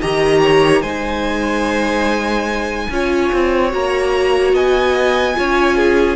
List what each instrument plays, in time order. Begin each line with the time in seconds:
0.00 cello D#3, viola G4, violin D#5 A#5
0.42 violin C#5
0.82 cello G#3, viola D#4, violin C5 G#5
2.90 cello C#4, viola F4, violin C#5
3.33 cello C4
3.71 cello A#3, viola F#4, violin A#5
4.53 cello B3, violin D#5 G#5
5.35 cello C#4, viola F4, violin C#5
5.77 violin G#4